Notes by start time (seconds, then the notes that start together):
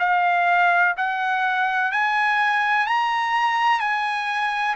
0.00 F5
0.98 F#5
1.92 G#5
2.87 A#5
3.80 G#5